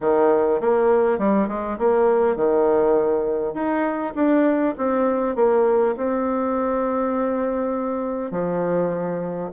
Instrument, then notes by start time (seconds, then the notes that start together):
bassoon
0.01 D#3
0.60 A#3
1.18 G3
1.48 G#3
1.78 A#3
2.35 D#3
3.54 D#4
4.15 D4
4.77 C4
5.35 A#3
5.96 C4
8.31 F3